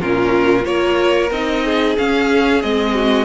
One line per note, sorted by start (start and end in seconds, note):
0.00 0.66 A#2
0.00 0.63 C#4
0.00 0.65 F4
0.00 0.65 A#4
0.63 1.31 A#3
0.63 1.28 F4
0.63 1.65 A#4
0.63 1.30 C#5
1.31 1.96 C4
1.31 1.97 D#4
1.31 1.96 D#5
1.65 2.94 G#4
1.97 2.62 C#4
1.97 2.63 C#4
1.97 2.62 F5
2.62 3.25 G#3
2.62 3.25 C4
2.62 3.25 D#5
2.94 3.25 F#4